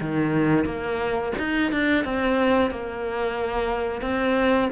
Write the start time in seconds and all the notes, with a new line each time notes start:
0.00 D#3
0.65 A#3
1.38 D#4
1.72 D4
2.04 C4
2.70 A#3
4.01 C4